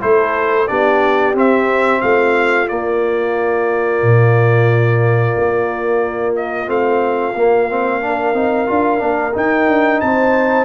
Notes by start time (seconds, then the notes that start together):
0.00 A3 E4 A4 C5
0.67 B3 D4 G4 D5
1.34 C4 E5
2.01 A3 F4 F5
2.67 A#3 D5
4.02 A#2
5.37 A#3
6.36 D#5
6.66 A3 C4 F5
7.35 A#3
7.69 C4
8.01 D4 A#4
8.33 C4 D#4
8.67 D4 F4
8.98 A#3 D4
9.33 D#4 G5
9.68 D4
10.00 C4 C5 A5